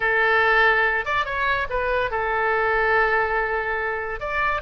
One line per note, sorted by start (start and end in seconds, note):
0.00 1.05 A4
1.05 1.25 D5
1.25 1.67 C#5
1.69 2.10 B4
2.10 4.20 A4
4.20 4.61 D5